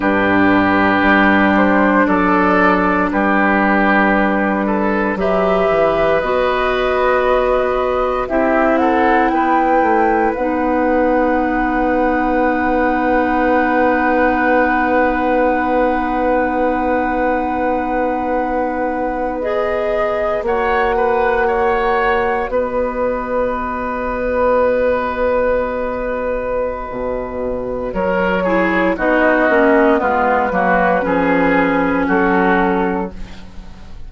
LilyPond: <<
  \new Staff \with { instrumentName = "flute" } { \time 4/4 \tempo 4 = 58 b'4. c''8 d''4 b'4~ | b'4 e''4 dis''2 | e''8 fis''8 g''4 fis''2~ | fis''1~ |
fis''2~ fis''8. dis''4 fis''16~ | fis''4.~ fis''16 dis''2~ dis''16~ | dis''2. cis''4 | dis''4 b'2 a'4 | }
  \new Staff \with { instrumentName = "oboe" } { \time 4/4 g'2 a'4 g'4~ | g'8 a'8 b'2. | g'8 a'8 b'2.~ | b'1~ |
b'2.~ b'8. cis''16~ | cis''16 b'8 cis''4 b'2~ b'16~ | b'2. ais'8 gis'8 | fis'4 f'8 fis'8 gis'4 fis'4 | }
  \new Staff \with { instrumentName = "clarinet" } { \time 4/4 d'1~ | d'4 g'4 fis'2 | e'2 dis'2~ | dis'1~ |
dis'2~ dis'8. gis'4 fis'16~ | fis'1~ | fis'2.~ fis'8 e'8 | dis'8 cis'8 b8 ais8 cis'2 | }
  \new Staff \with { instrumentName = "bassoon" } { \time 4/4 g,4 g4 fis4 g4~ | g4 fis8 e8 b2 | c'4 b8 a8 b2~ | b1~ |
b2.~ b8. ais16~ | ais4.~ ais16 b2~ b16~ | b2 b,4 fis4 | b8 ais8 gis8 fis8 f4 fis4 | }
>>